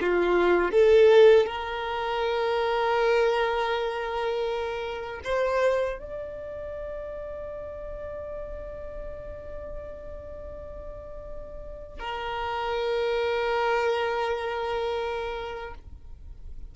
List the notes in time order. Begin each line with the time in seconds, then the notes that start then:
0.00 F4
0.71 A4
1.45 A#4
5.24 C5
5.99 D5
11.99 A#4